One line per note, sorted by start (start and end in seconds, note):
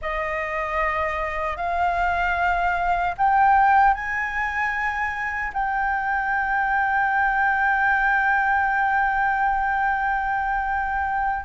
0.01 1.56 D#5
1.56 3.14 F5
3.17 3.94 G5
3.94 5.52 G#5
5.53 11.45 G5